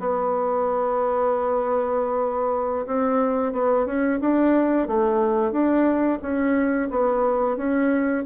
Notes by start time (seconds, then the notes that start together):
0.00 B3
2.87 C4
3.53 B3
3.86 C#4
4.21 D4
4.88 A3
5.52 D4
6.22 C#4
6.91 B3
7.57 C#4